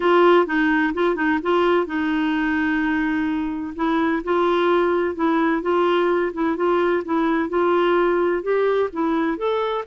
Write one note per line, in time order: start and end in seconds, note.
0.00 0.46 F4
0.46 0.93 D#4
0.94 1.15 F4
1.15 1.38 D#4
1.42 1.86 F4
1.86 3.74 D#4
3.75 4.22 E4
4.24 5.15 F4
5.15 5.62 E4
5.62 6.32 F4
6.33 6.56 E4
6.56 7.03 F4
7.04 7.49 E4
7.49 8.42 F4
8.42 8.89 G4
8.93 9.37 E4
9.37 9.84 A4